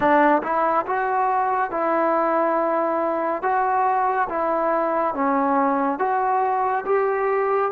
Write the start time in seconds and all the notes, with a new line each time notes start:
0.00 D4
0.42 E4
0.86 F#4
1.71 E4
3.42 F#4
4.29 E4
5.14 C#4
5.98 F#4
6.85 G4